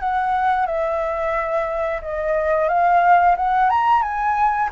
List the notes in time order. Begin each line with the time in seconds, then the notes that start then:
0.00 F#5
0.66 E5
2.02 D#5
2.69 F5
3.37 F#5
3.70 A#5
4.03 G#5